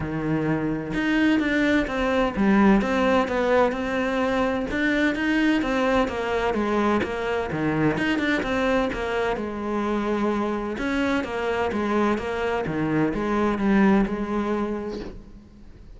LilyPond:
\new Staff \with { instrumentName = "cello" } { \time 4/4 \tempo 4 = 128 dis2 dis'4 d'4 | c'4 g4 c'4 b4 | c'2 d'4 dis'4 | c'4 ais4 gis4 ais4 |
dis4 dis'8 d'8 c'4 ais4 | gis2. cis'4 | ais4 gis4 ais4 dis4 | gis4 g4 gis2 | }